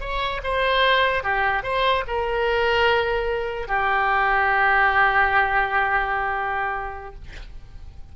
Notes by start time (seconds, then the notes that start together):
0.00 C#5
0.43 C5
1.23 G4
1.63 C5
2.07 A#4
3.68 G4